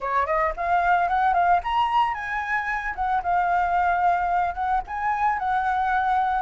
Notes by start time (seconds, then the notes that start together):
0.00 C#5
0.26 D#5
0.56 F5
1.08 F#5
1.33 F5
1.63 A#5
2.14 G#5
2.95 F#5
3.22 F5
4.54 F#5
4.87 G#5
5.38 F#5